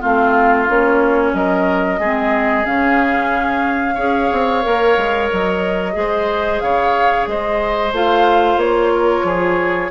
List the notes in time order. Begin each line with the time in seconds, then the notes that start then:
0.00 A3 C4 F4 F5
0.68 A#3 C#4 C#5
1.34 F#3 A#4 D#5
1.99 G#3 C4 G#4
2.65 C#3 C#4 F5
3.95 C#4 G#4 C#5
4.32 C4
4.62 A#3 A#4
4.97 G#3
5.32 F#3 D#5
5.93 G#3 G#4
5.99 C5
6.60 C#3 C#5 F5
7.27 G#3 C5 D#5
7.93 A3 F4 F5
8.57 A#3 C#5
8.93 A#4
9.24 F3 G#4